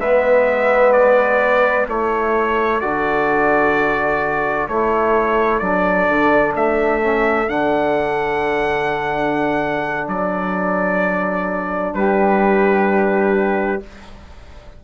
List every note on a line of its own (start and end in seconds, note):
0.00 1.88 G#3
0.00 1.89 B3
0.00 1.86 B4
0.00 0.93 E5
0.93 1.86 D5
1.86 2.82 A3
1.86 2.81 E4
1.86 11.94 A4
1.86 2.80 C#5
2.80 4.68 D3
2.80 4.69 F#4
2.80 4.68 D5
4.68 5.61 A3
4.68 5.62 E4
4.68 5.59 C#5
5.59 6.08 F#3
5.59 7.01 D4
5.59 6.53 D5
6.09 6.55 D3
6.55 7.49 A3
6.55 7.50 E5
7.01 7.47 C#4
7.47 10.06 D3
7.47 13.80 D4
7.47 10.07 F#5
10.08 11.94 F#3
10.08 11.94 D5
11.94 13.81 G3
11.94 13.84 G4
11.94 13.82 B4